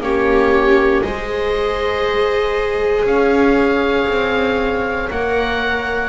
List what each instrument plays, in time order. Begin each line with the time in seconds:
0.00 double bass A#3, viola C#4 G4, oboe C#5
1.02 double bass G#3, viola G#4 C5, oboe D#5
3.05 double bass C#4, viola C#5, oboe F5
4.07 double bass C4
5.10 double bass A#3, viola A#4, oboe F#5